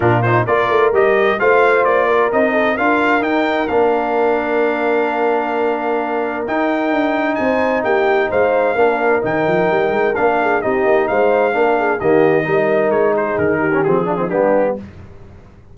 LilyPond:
<<
  \new Staff \with { instrumentName = "trumpet" } { \time 4/4 \tempo 4 = 130 ais'8 c''8 d''4 dis''4 f''4 | d''4 dis''4 f''4 g''4 | f''1~ | f''2 g''2 |
gis''4 g''4 f''2 | g''2 f''4 dis''4 | f''2 dis''2 | cis''8 c''8 ais'4 gis'4 g'4 | }
  \new Staff \with { instrumentName = "horn" } { \time 4/4 f'4 ais'2 c''4~ | c''8 ais'4 a'8 ais'2~ | ais'1~ | ais'1 |
c''4 g'4 c''4 ais'4~ | ais'2~ ais'8 gis'8 g'4 | c''4 ais'8 gis'8 g'4 ais'4~ | ais'8 gis'4 g'4 f'16 dis'16 d'4 | }
  \new Staff \with { instrumentName = "trombone" } { \time 4/4 d'8 dis'8 f'4 g'4 f'4~ | f'4 dis'4 f'4 dis'4 | d'1~ | d'2 dis'2~ |
dis'2. d'4 | dis'2 d'4 dis'4~ | dis'4 d'4 ais4 dis'4~ | dis'4.~ dis'16 cis'16 c'8 d'16 c'16 b4 | }
  \new Staff \with { instrumentName = "tuba" } { \time 4/4 ais,4 ais8 a8 g4 a4 | ais4 c'4 d'4 dis'4 | ais1~ | ais2 dis'4 d'4 |
c'4 ais4 gis4 ais4 | dis8 f8 g8 gis8 ais4 c'8 ais8 | gis4 ais4 dis4 g4 | gis4 dis4 f4 g4 | }
>>